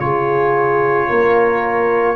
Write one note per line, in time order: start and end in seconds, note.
0.00 1.09 C#3
0.00 2.16 F4
0.00 1.08 G#4
0.00 2.16 C#5
1.08 2.16 A#3
1.08 2.16 A#4